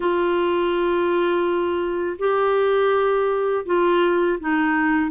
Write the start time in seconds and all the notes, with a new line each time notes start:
0.00 F4
2.19 G4
3.66 F4
4.40 D#4